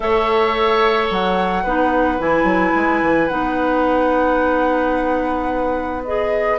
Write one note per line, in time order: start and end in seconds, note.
0.00 1.10 A3
0.00 1.65 A4
0.00 1.63 C#5
0.00 1.09 E5
1.10 1.64 F#3
1.10 2.21 F#5
1.63 2.19 B3
1.63 2.18 D#4
1.63 6.59 B4
2.18 2.43 E3
2.18 3.28 E4
2.18 3.28 G#5
2.43 2.71 F#3
2.75 3.01 G#3
3.01 3.29 E3
3.28 6.59 B3
3.28 6.04 D#4
3.28 6.03 F#5
6.04 6.59 G#4
6.04 6.59 D#5